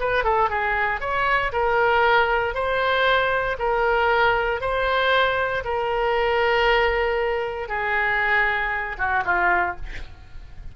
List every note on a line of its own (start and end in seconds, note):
0.00 0.24 B4
0.24 0.50 A4
0.50 1.01 G#4
1.01 1.52 C#5
1.53 2.55 A#4
2.55 3.57 C5
3.59 4.61 A#4
4.61 5.64 C5
5.65 7.69 A#4
7.69 8.97 G#4
8.98 9.24 F#4
9.25 9.76 F4